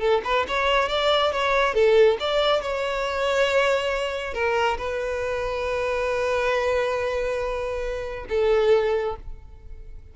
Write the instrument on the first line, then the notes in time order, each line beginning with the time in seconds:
violin
0.00 A4
0.25 B4
0.48 C#5
0.89 D5
1.33 C#5
1.74 A4
2.20 D5
2.62 C#5
4.34 A#4
4.78 B4
8.29 A4